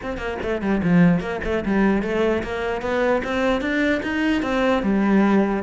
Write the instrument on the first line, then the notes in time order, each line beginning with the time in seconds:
cello
0.03 C4
0.17 A#3
0.42 A3
0.61 G3
0.83 F3
1.20 A#3
1.44 A3
1.65 G3
2.02 A3
2.43 A#3
2.81 B3
3.23 C4
3.61 D4
4.02 D#4
4.42 C4
4.82 G3